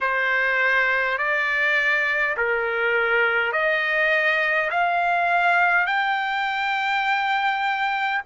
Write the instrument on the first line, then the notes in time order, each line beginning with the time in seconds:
trumpet
0.01 C5
1.18 D5
2.36 A#4
3.52 D#5
4.70 F5
5.86 G5